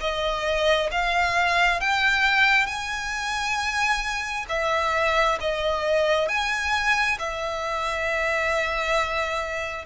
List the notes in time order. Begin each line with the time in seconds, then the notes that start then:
0.00 D#5
0.91 F5
1.80 G5
2.66 G#5
4.49 E5
5.40 D#5
6.28 G#5
7.18 E5